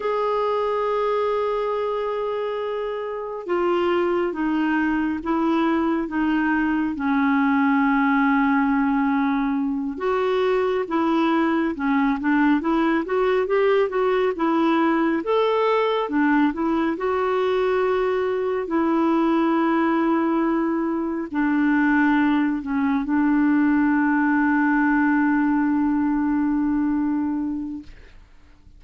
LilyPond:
\new Staff \with { instrumentName = "clarinet" } { \time 4/4 \tempo 4 = 69 gis'1 | f'4 dis'4 e'4 dis'4 | cis'2.~ cis'8 fis'8~ | fis'8 e'4 cis'8 d'8 e'8 fis'8 g'8 |
fis'8 e'4 a'4 d'8 e'8 fis'8~ | fis'4. e'2~ e'8~ | e'8 d'4. cis'8 d'4.~ | d'1 | }